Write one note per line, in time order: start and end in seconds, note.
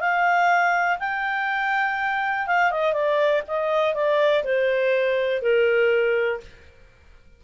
0.00 0.98 F5
0.99 2.47 G5
2.47 2.71 F5
2.71 2.93 D#5
2.93 3.42 D5
3.48 3.94 D#5
3.94 4.44 D5
4.44 5.42 C5
5.42 6.40 A#4